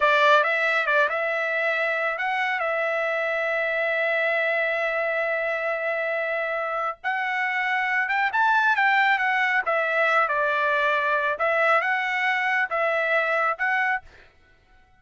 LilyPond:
\new Staff \with { instrumentName = "trumpet" } { \time 4/4 \tempo 4 = 137 d''4 e''4 d''8 e''4.~ | e''4 fis''4 e''2~ | e''1~ | e''1 |
fis''2~ fis''8 g''8 a''4 | g''4 fis''4 e''4. d''8~ | d''2 e''4 fis''4~ | fis''4 e''2 fis''4 | }